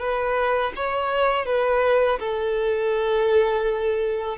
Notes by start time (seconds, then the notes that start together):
0.00 B4
0.76 C#5
1.46 B4
2.20 A4